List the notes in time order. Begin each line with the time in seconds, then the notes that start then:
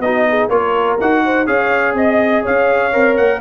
0.00 B3 D#4 F#4 D#5
0.29 G#4
0.49 A#3 F4 A#4 C#5
1.01 D#4 F#4 F#5
1.25 C5
1.47 C#4 G#4 C#5 F5
1.94 C4 D#5
2.43 C#4 C#5 F5
2.92 C4 A#4
3.17 A#3 F#5